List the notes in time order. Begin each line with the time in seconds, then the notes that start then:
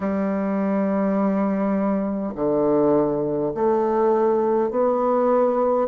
0.00 G3
2.35 D3
3.54 A3
4.70 B3